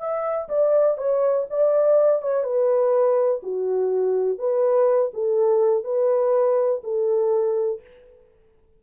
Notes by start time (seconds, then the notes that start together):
0.00 E5
0.49 D5
0.98 C#5
1.50 D5
2.22 C#5
2.44 B4
3.43 F#4
4.39 B4
5.14 A4
5.84 B4
6.84 A4